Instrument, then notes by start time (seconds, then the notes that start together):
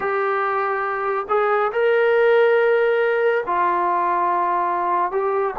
trombone
0.00 G4
1.29 G#4
1.72 A#4
3.46 F4
5.11 G4